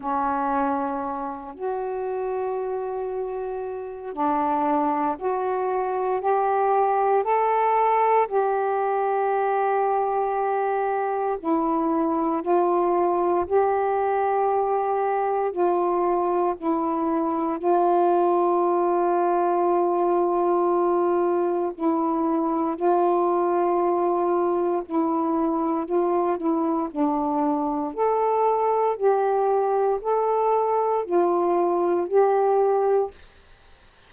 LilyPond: \new Staff \with { instrumentName = "saxophone" } { \time 4/4 \tempo 4 = 58 cis'4. fis'2~ fis'8 | d'4 fis'4 g'4 a'4 | g'2. e'4 | f'4 g'2 f'4 |
e'4 f'2.~ | f'4 e'4 f'2 | e'4 f'8 e'8 d'4 a'4 | g'4 a'4 f'4 g'4 | }